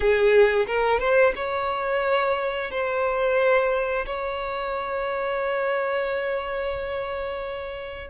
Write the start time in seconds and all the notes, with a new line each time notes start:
0.00 G#4
0.66 A#4
0.99 C5
1.35 C#5
2.70 C5
4.06 C#5